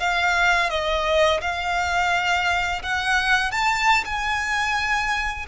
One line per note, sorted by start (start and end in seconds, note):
0.00 0.70 F5
0.70 1.41 D#5
1.41 2.82 F5
2.83 3.52 F#5
3.52 4.05 A5
4.05 5.46 G#5